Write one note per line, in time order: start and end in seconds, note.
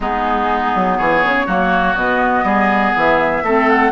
0.00 0.73 G#3
0.00 1.47 B3
0.00 0.97 D#4
0.00 0.98 G#4
0.74 0.99 F#3
0.97 1.24 E3
0.97 1.46 G#4
0.97 1.95 C#5
1.24 1.47 C#3
1.46 1.95 F#3
1.46 1.96 A#3
1.46 2.44 F#4
1.95 2.43 B2
1.95 3.45 B3
1.95 2.93 D#5
2.43 2.92 G3
2.43 3.43 G#4
2.95 3.42 E3
2.95 3.69 E5
3.42 3.91 A3
3.42 3.92 C4
3.42 3.92 A4
3.69 3.92 F#5